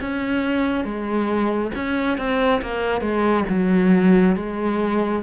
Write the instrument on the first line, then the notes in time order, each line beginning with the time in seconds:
cello
0.00 C#4
0.84 G#3
1.74 C#4
2.17 C4
2.61 A#3
3.00 G#3
3.49 F#3
4.35 G#3